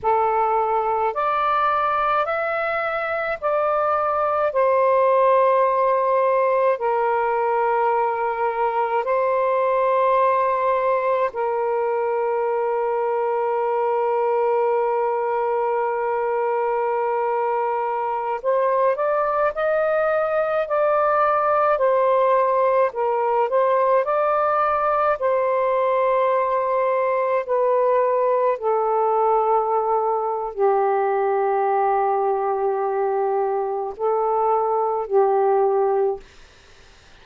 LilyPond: \new Staff \with { instrumentName = "saxophone" } { \time 4/4 \tempo 4 = 53 a'4 d''4 e''4 d''4 | c''2 ais'2 | c''2 ais'2~ | ais'1~ |
ais'16 c''8 d''8 dis''4 d''4 c''8.~ | c''16 ais'8 c''8 d''4 c''4.~ c''16~ | c''16 b'4 a'4.~ a'16 g'4~ | g'2 a'4 g'4 | }